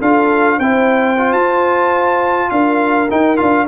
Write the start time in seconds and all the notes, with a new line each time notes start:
0.00 D4 F4 A4 F5
0.59 C4 E4 C5 G5
1.18 F4
1.32 F4 A5
2.50 D4 A#4 F5
3.10 D#4 G5
3.36 D4 F4 F5